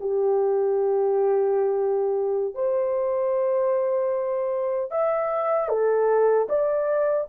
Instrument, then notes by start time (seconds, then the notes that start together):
horn
0.00 G4
2.54 C5
4.91 E5
5.69 A4
6.49 D5